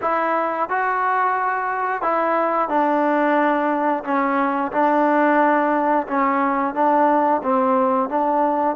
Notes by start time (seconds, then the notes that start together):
0.01 E4
0.69 F#4
2.02 E4
2.68 D4
4.04 C#4
4.72 D4
6.07 C#4
6.74 D4
7.42 C4
8.09 D4